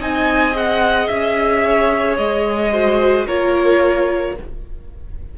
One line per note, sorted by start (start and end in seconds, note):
0.00 1.09 C4
0.00 0.51 D#4
0.00 1.64 D#5
0.00 0.56 G#5
0.51 2.70 G#4
0.51 1.08 F#5
1.08 2.18 C#4
1.08 2.17 E5
1.64 2.72 C#5
2.17 3.27 G#3
2.17 3.26 D#5
2.72 3.27 F#4
2.72 3.26 C5
3.26 4.38 A#3
3.26 4.36 F4
3.26 4.35 A#4
3.26 4.37 C#5